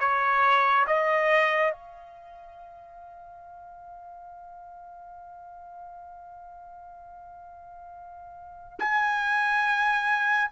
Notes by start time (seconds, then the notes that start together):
0.00 C#5
0.87 D#5
1.72 F5
8.80 G#5